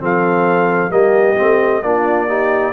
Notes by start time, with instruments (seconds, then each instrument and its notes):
0.00 tuba F3, trombone C4, horn A4, trumpet F5
0.90 tuba G3, trombone A#3, horn G4, trumpet D#5
1.37 tuba A3, trombone C4
1.83 tuba A#3, trombone D4, horn F4, trumpet D5
2.28 trombone D#4, horn G4